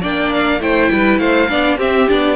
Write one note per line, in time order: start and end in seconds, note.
0.00 0.60 A#3
0.00 0.60 D4
0.00 0.59 D5
0.00 0.32 G5
0.33 0.62 F5
0.60 0.89 A3
0.60 1.49 E4
0.60 0.91 C5
0.60 1.18 G5
0.92 1.18 G3
0.92 1.20 B4
1.18 1.48 A3
1.18 1.49 C5
1.18 1.77 F5
1.49 1.77 B3
1.49 1.77 D4
1.49 1.77 D5
1.77 2.07 C4
1.77 2.36 G4
1.77 2.10 E5
2.07 2.36 B3
2.07 2.36 D4
2.07 2.36 D5